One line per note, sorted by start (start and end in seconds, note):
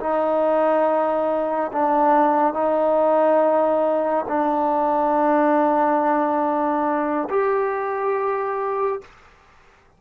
0.00 1.71 D#4
1.73 2.54 D4
2.54 4.25 D#4
4.29 7.29 D4
7.30 9.02 G4